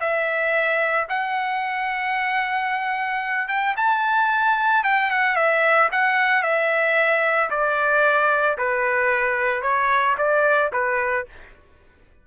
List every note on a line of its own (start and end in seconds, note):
0.00 1.07 E5
1.09 3.48 F#5
3.48 3.75 G5
3.76 4.84 A5
4.84 5.11 G5
5.11 5.36 F#5
5.36 5.89 E5
5.92 6.43 F#5
6.43 7.50 E5
7.50 8.57 D5
8.58 9.62 B4
9.62 10.16 C#5
10.18 10.72 D5
10.73 11.26 B4